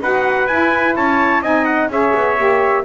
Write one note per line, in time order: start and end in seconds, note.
0.00 0.47 D#4
0.00 0.48 F#4
0.00 0.96 B4
0.00 0.47 F#5
0.47 0.94 E4
0.47 1.43 E4
0.47 0.94 G#5
0.95 1.41 C#4
0.95 1.41 C#5
0.95 1.43 A5
1.41 1.88 C4
1.41 1.90 D#4
1.41 1.89 D#5
1.41 1.65 G#5
1.65 1.88 F#5
1.88 2.12 C#4
1.88 2.36 G#4
1.88 2.84 C#5
1.88 2.84 E5
2.14 2.37 B3
2.36 2.84 A#3
2.36 2.84 G4